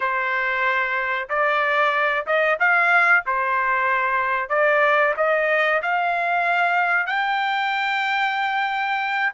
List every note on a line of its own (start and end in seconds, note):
0.00 1.28 C5
1.29 2.26 D5
2.26 2.58 D#5
2.59 3.23 F5
3.26 4.49 C5
4.49 5.13 D5
5.16 5.81 D#5
5.82 7.06 F5
7.06 9.32 G5